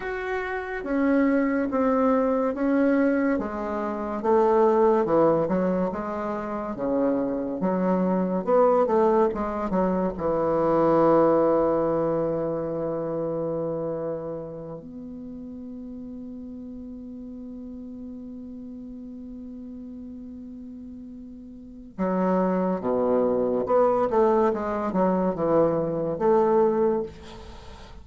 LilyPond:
\new Staff \with { instrumentName = "bassoon" } { \time 4/4 \tempo 4 = 71 fis'4 cis'4 c'4 cis'4 | gis4 a4 e8 fis8 gis4 | cis4 fis4 b8 a8 gis8 fis8 | e1~ |
e4. b2~ b8~ | b1~ | b2 fis4 b,4 | b8 a8 gis8 fis8 e4 a4 | }